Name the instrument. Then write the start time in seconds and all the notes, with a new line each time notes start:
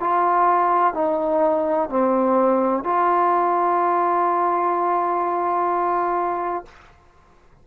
trombone
0.00 F4
0.94 D#4
1.90 C4
2.84 F4